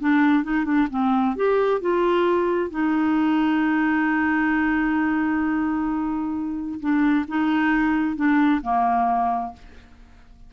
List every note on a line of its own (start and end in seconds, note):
0.00 0.44 D4
0.44 0.65 D#4
0.65 0.88 D4
0.90 1.36 C4
1.36 1.81 G4
1.81 2.70 F4
2.70 6.80 D#4
6.80 7.25 D4
7.28 8.16 D#4
8.16 8.61 D4
8.62 9.53 A#3